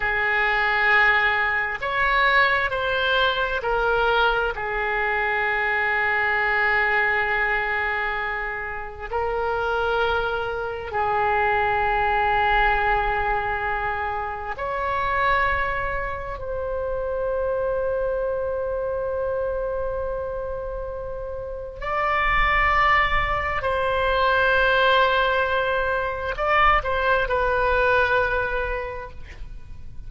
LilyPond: \new Staff \with { instrumentName = "oboe" } { \time 4/4 \tempo 4 = 66 gis'2 cis''4 c''4 | ais'4 gis'2.~ | gis'2 ais'2 | gis'1 |
cis''2 c''2~ | c''1 | d''2 c''2~ | c''4 d''8 c''8 b'2 | }